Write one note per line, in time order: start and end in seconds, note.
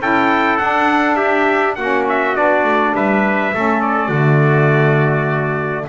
0.00 0.59 C#4
0.00 0.59 E4
0.00 1.16 A4
0.00 0.58 G5
0.58 1.77 D4
0.58 1.15 F#5
1.15 1.75 G4
1.15 1.74 E5
1.75 2.36 A#3
1.75 2.35 C#4
1.75 2.94 F#4
1.75 2.04 F#5
2.09 2.36 E5
2.35 2.63 B3
2.35 3.52 D4
2.35 2.95 D5
2.63 2.93 A3
2.94 3.54 G3
2.94 3.53 B4
2.94 3.81 E5
3.54 4.09 A3
3.54 4.12 C#4
3.54 4.09 A4
3.81 5.87 D5
4.09 5.85 D3
4.09 5.88 A3
4.09 5.85 F#4